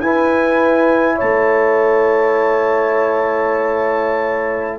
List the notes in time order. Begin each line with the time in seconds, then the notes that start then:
0.00 E4 B4 G#5
1.16 C#5 A5
1.22 A3